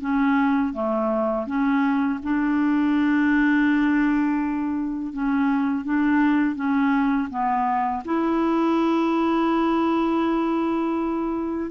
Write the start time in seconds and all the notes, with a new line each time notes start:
0.00 C#4
0.73 A3
1.46 C#4
2.23 D4
5.13 C#4
5.84 D4
6.55 C#4
7.30 B3
8.05 E4